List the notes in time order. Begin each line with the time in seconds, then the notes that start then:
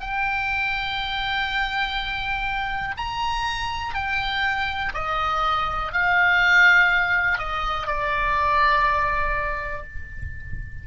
0.00 G5
2.97 A#5
3.94 G5
4.94 D#5
5.92 F5
7.38 D#5
7.86 D5